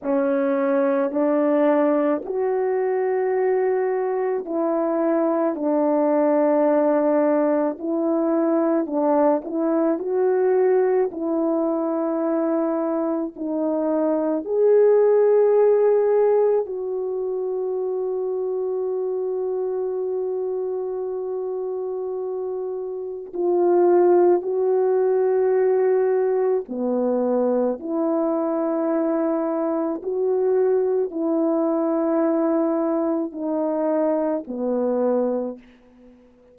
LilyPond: \new Staff \with { instrumentName = "horn" } { \time 4/4 \tempo 4 = 54 cis'4 d'4 fis'2 | e'4 d'2 e'4 | d'8 e'8 fis'4 e'2 | dis'4 gis'2 fis'4~ |
fis'1~ | fis'4 f'4 fis'2 | b4 e'2 fis'4 | e'2 dis'4 b4 | }